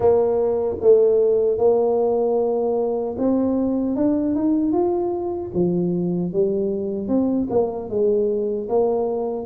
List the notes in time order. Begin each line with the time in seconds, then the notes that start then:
0.00 A#3
0.81 A3
1.58 A#3
3.18 C4
3.95 D4
4.35 D#4
4.72 F4
5.53 F3
6.32 G3
7.08 C4
7.50 A#3
7.89 G#3
8.68 A#3